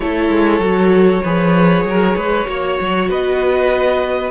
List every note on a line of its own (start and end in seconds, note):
0.00 0.29 A3
0.00 0.62 E4
0.00 1.22 A4
0.00 3.09 C#5
0.29 0.59 G#3
0.59 1.21 F#3
0.59 1.24 F#4
1.22 1.84 F3
1.22 2.45 G#4
1.22 1.84 B4
1.84 2.15 F#3
1.84 2.16 A#4
2.16 2.47 G#3
2.16 2.47 B4
2.45 2.78 A#3
2.45 4.31 F#4
2.45 3.09 C#5
2.80 3.08 F#3
3.08 4.31 B3
3.08 4.31 B4
3.08 4.31 D#5